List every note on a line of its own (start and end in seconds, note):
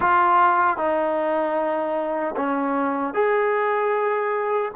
0.00 0.77 F4
0.77 2.35 D#4
2.36 3.14 C#4
3.14 4.72 G#4